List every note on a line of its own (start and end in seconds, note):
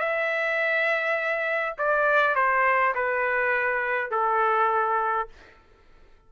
0.00 1.76 E5
1.78 2.35 D5
2.35 2.94 C5
2.95 4.11 B4
4.11 5.29 A4